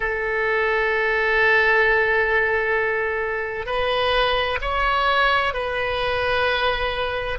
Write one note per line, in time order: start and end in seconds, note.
0.00 3.66 A4
3.66 4.58 B4
4.61 5.53 C#5
5.53 7.38 B4